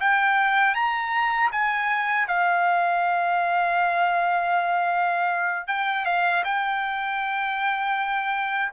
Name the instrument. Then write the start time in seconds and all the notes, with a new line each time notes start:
trumpet
0.00 G5
0.75 A#5
1.52 G#5
2.28 F5
5.68 G5
6.06 F5
6.44 G5